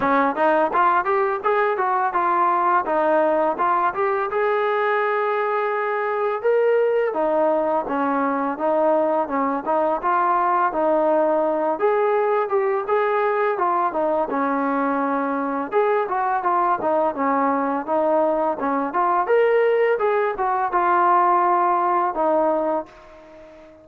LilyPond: \new Staff \with { instrumentName = "trombone" } { \time 4/4 \tempo 4 = 84 cis'8 dis'8 f'8 g'8 gis'8 fis'8 f'4 | dis'4 f'8 g'8 gis'2~ | gis'4 ais'4 dis'4 cis'4 | dis'4 cis'8 dis'8 f'4 dis'4~ |
dis'8 gis'4 g'8 gis'4 f'8 dis'8 | cis'2 gis'8 fis'8 f'8 dis'8 | cis'4 dis'4 cis'8 f'8 ais'4 | gis'8 fis'8 f'2 dis'4 | }